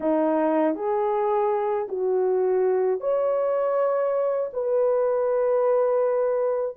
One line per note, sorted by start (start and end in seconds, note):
0.00 0.75 D#4
0.75 1.87 G#4
1.88 3.00 F#4
3.00 4.50 C#5
4.53 6.76 B4